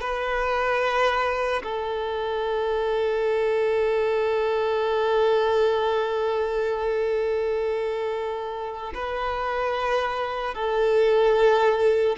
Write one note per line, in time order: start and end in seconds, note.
0.00 1.62 B4
1.63 8.93 A4
8.94 10.54 B4
10.54 12.17 A4